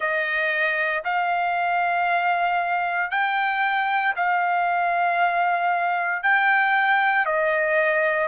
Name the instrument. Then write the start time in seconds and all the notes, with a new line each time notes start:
trumpet
0.00 D#5
1.04 F5
3.10 G5
4.16 F5
6.23 G5
7.25 D#5